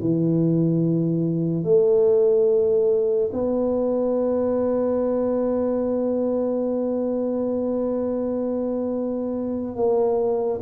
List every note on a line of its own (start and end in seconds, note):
0.00 1.64 E3
1.64 3.30 A3
3.33 9.77 B3
9.77 10.60 A#3